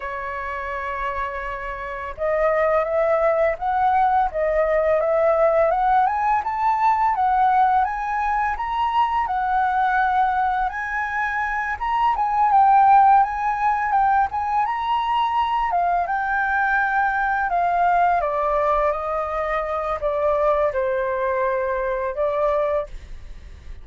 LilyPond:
\new Staff \with { instrumentName = "flute" } { \time 4/4 \tempo 4 = 84 cis''2. dis''4 | e''4 fis''4 dis''4 e''4 | fis''8 gis''8 a''4 fis''4 gis''4 | ais''4 fis''2 gis''4~ |
gis''8 ais''8 gis''8 g''4 gis''4 g''8 | gis''8 ais''4. f''8 g''4.~ | g''8 f''4 d''4 dis''4. | d''4 c''2 d''4 | }